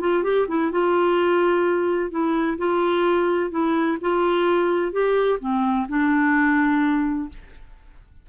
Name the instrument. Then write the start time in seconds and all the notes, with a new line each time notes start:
clarinet
0.00 F4
0.24 G4
0.48 E4
0.71 F4
2.11 E4
2.58 F4
3.51 E4
4.01 F4
4.92 G4
5.40 C4
5.88 D4